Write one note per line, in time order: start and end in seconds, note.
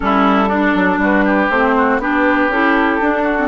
0.00 0.75 G3
0.00 0.47 C#4
0.00 0.48 E4
0.00 0.99 A4
0.48 0.98 D4
0.48 1.52 D4
0.75 0.98 F#3
0.98 1.48 G3
0.98 1.24 F#4
0.98 1.50 B4
1.24 1.74 G4
1.49 1.98 A3
1.49 2.00 C4
1.49 2.00 C5
1.77 2.01 F#4
1.98 2.48 B3
1.98 2.50 D4
1.98 3.23 G4
1.98 2.52 B4
2.48 2.98 C#4
2.48 3.01 E4
2.48 3.47 A4
3.01 3.47 D4
3.01 3.39 D4
3.23 3.47 F#4
3.39 3.47 C4